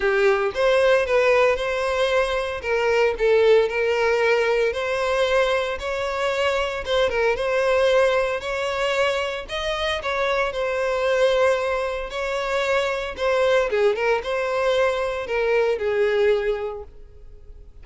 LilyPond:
\new Staff \with { instrumentName = "violin" } { \time 4/4 \tempo 4 = 114 g'4 c''4 b'4 c''4~ | c''4 ais'4 a'4 ais'4~ | ais'4 c''2 cis''4~ | cis''4 c''8 ais'8 c''2 |
cis''2 dis''4 cis''4 | c''2. cis''4~ | cis''4 c''4 gis'8 ais'8 c''4~ | c''4 ais'4 gis'2 | }